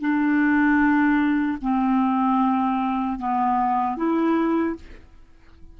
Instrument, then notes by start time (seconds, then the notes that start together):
clarinet
0.00 D4
1.61 C4
3.19 B3
3.97 E4